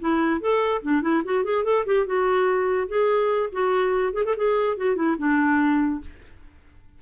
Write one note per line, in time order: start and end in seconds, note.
0.00 0.41 E4
0.41 0.82 A4
0.83 1.02 D4
1.02 1.23 E4
1.25 1.45 F#4
1.45 1.64 G#4
1.64 1.85 A4
1.86 2.06 G4
2.06 2.88 F#4
2.88 3.50 G#4
3.53 4.14 F#4
4.14 4.24 G#4
4.25 4.36 A4
4.37 4.77 G#4
4.77 4.96 F#4
4.96 5.17 E4
5.19 6.01 D4